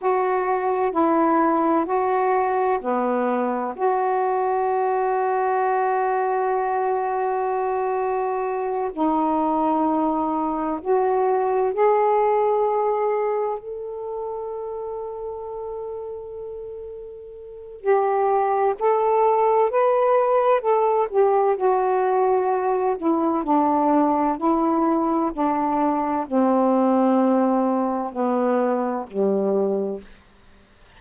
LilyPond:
\new Staff \with { instrumentName = "saxophone" } { \time 4/4 \tempo 4 = 64 fis'4 e'4 fis'4 b4 | fis'1~ | fis'4. dis'2 fis'8~ | fis'8 gis'2 a'4.~ |
a'2. g'4 | a'4 b'4 a'8 g'8 fis'4~ | fis'8 e'8 d'4 e'4 d'4 | c'2 b4 g4 | }